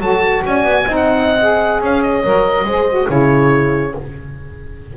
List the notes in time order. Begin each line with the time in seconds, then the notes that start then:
0.00 F#3 F#4 A4 A5
0.46 C#4 D5 G#5
0.64 B3
0.86 C4 D#4 D#5
0.96 F#5
1.41 G#4
1.81 C#4 C#5 F5
2.03 D#5
2.24 F#3 A#4
2.64 G#3 G#4 C5
2.90 F#4
3.08 C#3 E4 G#4 C#5